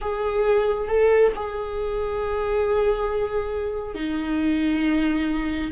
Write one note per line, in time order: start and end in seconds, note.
0.01 0.88 G#4
0.88 1.32 A4
1.35 3.94 G#4
3.94 5.71 D#4